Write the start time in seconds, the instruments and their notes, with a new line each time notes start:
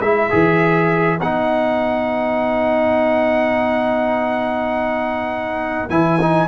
0.00 tuba G#3, trombone E4, horn B4, trumpet E5
0.30 tuba E3, trombone G#4
1.20 tuba B3, trombone D#4, trumpet F#5
5.89 tuba E3, trombone E4, trumpet G#5
6.21 trombone D#4